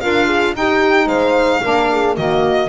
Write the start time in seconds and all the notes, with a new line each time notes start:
0.00 D4 F4 A#4 F5
0.26 G#4
0.53 D#4 G4 G5
1.06 G#3 C5 F5
1.62 A#3 D4 A#4
1.90 G#4
2.16 D#3 A#3 F#4 D#5